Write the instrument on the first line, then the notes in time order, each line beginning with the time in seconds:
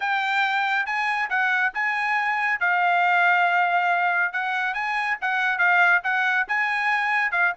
trumpet
0.00 G5
0.85 G#5
1.29 F#5
1.74 G#5
2.60 F5
4.32 F#5
4.74 G#5
5.21 F#5
5.58 F5
6.03 F#5
6.47 G#5
7.31 F5